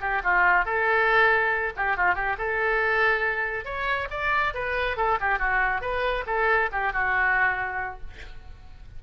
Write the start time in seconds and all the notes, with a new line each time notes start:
0.00 G4
0.23 F4
0.65 A4
1.76 G4
1.97 F4
2.14 G4
2.38 A4
3.65 C#5
4.10 D5
4.54 B4
4.96 A4
5.20 G4
5.38 F#4
5.81 B4
6.26 A4
6.71 G4
6.92 F#4